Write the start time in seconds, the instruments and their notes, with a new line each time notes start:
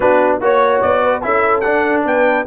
0.00 tuba B3, trombone D4, horn F#4, trumpet B4
0.40 tuba A#3, trombone F#4, horn C#5, trumpet C#5
0.81 tuba B3, trumpet D5
1.03 horn B4
1.21 tuba C#4, trombone E4, horn A4, trumpet E5
1.60 trombone D4, tuba D4, trumpet F#5
2.05 tuba B3, horn B4, trumpet G5